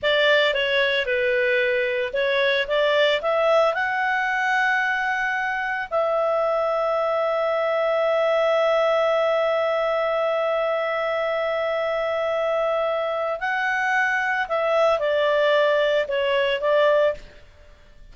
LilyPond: \new Staff \with { instrumentName = "clarinet" } { \time 4/4 \tempo 4 = 112 d''4 cis''4 b'2 | cis''4 d''4 e''4 fis''4~ | fis''2. e''4~ | e''1~ |
e''1~ | e''1~ | e''4 fis''2 e''4 | d''2 cis''4 d''4 | }